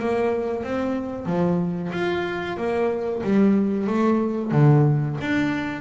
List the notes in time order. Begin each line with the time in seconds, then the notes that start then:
0.00 A#3
0.64 C4
1.26 F3
1.93 F4
2.58 A#3
3.24 G3
3.87 A3
4.52 D3
5.21 D4